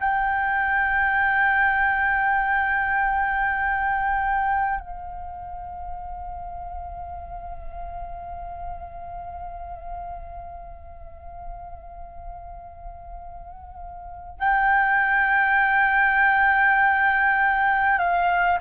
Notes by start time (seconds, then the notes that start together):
0.00 G5
4.81 F5
14.39 G5
17.99 F5